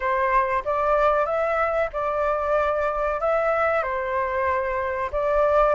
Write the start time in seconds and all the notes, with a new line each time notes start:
0.00 C5
0.64 D5
1.25 E5
1.93 D5
3.20 E5
3.82 C5
5.12 D5